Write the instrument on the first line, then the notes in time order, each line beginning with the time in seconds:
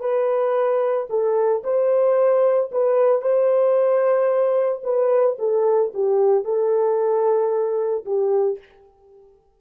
horn
0.00 B4
1.10 A4
1.64 C5
2.72 B4
3.21 C5
4.84 B4
5.39 A4
5.94 G4
6.44 A4
8.06 G4